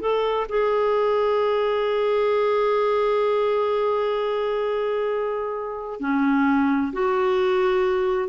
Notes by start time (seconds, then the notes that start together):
0.00 A4
0.49 G#4
6.00 C#4
6.92 F#4